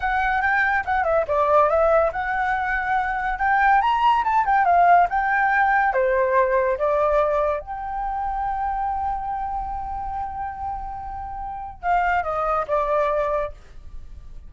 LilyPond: \new Staff \with { instrumentName = "flute" } { \time 4/4 \tempo 4 = 142 fis''4 g''4 fis''8 e''8 d''4 | e''4 fis''2. | g''4 ais''4 a''8 g''8 f''4 | g''2 c''2 |
d''2 g''2~ | g''1~ | g''1 | f''4 dis''4 d''2 | }